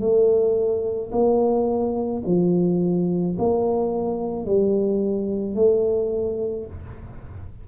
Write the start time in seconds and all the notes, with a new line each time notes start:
0.00 A3
1.11 A#3
2.26 F3
3.38 A#3
4.45 G3
5.55 A3